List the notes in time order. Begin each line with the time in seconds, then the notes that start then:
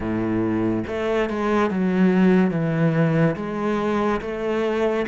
0.00 A2
0.87 A3
1.29 G#3
1.70 F#3
2.50 E3
3.36 G#3
4.21 A3